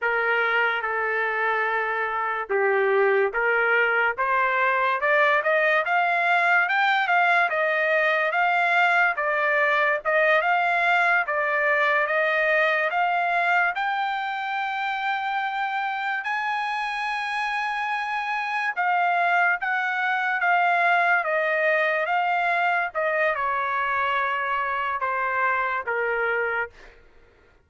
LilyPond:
\new Staff \with { instrumentName = "trumpet" } { \time 4/4 \tempo 4 = 72 ais'4 a'2 g'4 | ais'4 c''4 d''8 dis''8 f''4 | g''8 f''8 dis''4 f''4 d''4 | dis''8 f''4 d''4 dis''4 f''8~ |
f''8 g''2. gis''8~ | gis''2~ gis''8 f''4 fis''8~ | fis''8 f''4 dis''4 f''4 dis''8 | cis''2 c''4 ais'4 | }